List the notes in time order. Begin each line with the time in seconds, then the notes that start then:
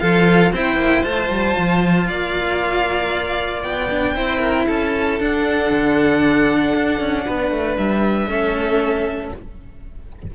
0.00 F3 F4 A4 F5
0.52 C4 E4 C5 G5
0.76 A#3
1.04 A3 F4 A5
1.30 G3
1.59 F3
2.08 A#3 D5 F5
3.63 B3 G5
3.91 D4
4.15 C4 E4 C5
4.40 A#4
4.66 C#4 A4 A5
5.20 D4 F#5
5.71 D3
6.75 D4
7.01 C#4
7.26 B3 B4
7.51 A3
7.78 G3 E5
8.27 A3 C#4 A4